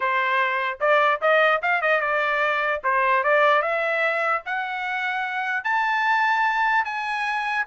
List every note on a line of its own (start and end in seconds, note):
0.00 0.79 C5
0.80 1.20 D5
1.21 1.61 D#5
1.61 1.81 F5
1.81 2.00 D#5
2.00 2.81 D5
2.83 3.23 C5
3.23 3.61 D5
3.61 4.42 E5
4.45 5.63 F#5
5.63 6.84 A5
6.84 7.65 G#5